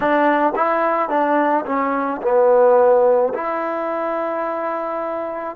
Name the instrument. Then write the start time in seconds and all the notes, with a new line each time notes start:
trombone
0.00 D4
0.56 E4
1.09 D4
1.65 C#4
2.22 B3
3.33 E4